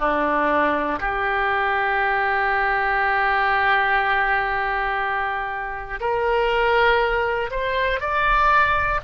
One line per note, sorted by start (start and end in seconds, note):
0.00 1.00 D4
1.00 6.00 G4
6.00 7.50 A#4
7.51 8.00 C5
8.00 9.00 D5